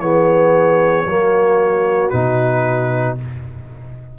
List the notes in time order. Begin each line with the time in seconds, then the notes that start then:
0.00 E3 B3 G#4 C#5
1.06 F#3 A#3 F#4
2.10 B2 D#4 B4